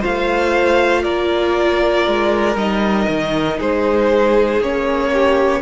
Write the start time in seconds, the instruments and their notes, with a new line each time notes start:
0.00 cello A3, viola F4, violin C5 F5
1.03 cello A#3, violin A#4 D5
2.07 cello G#3
2.55 cello G3, viola D#4, violin D#5
3.08 cello D#3
3.57 cello G#3, violin G#4 C5
4.60 cello A#3, viola C#4, violin C#5
5.12 violin G4